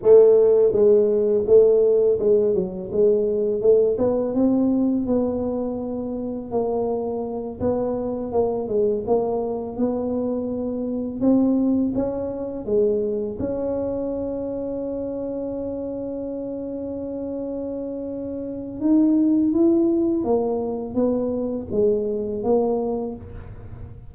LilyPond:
\new Staff \with { instrumentName = "tuba" } { \time 4/4 \tempo 4 = 83 a4 gis4 a4 gis8 fis8 | gis4 a8 b8 c'4 b4~ | b4 ais4. b4 ais8 | gis8 ais4 b2 c'8~ |
c'8 cis'4 gis4 cis'4.~ | cis'1~ | cis'2 dis'4 e'4 | ais4 b4 gis4 ais4 | }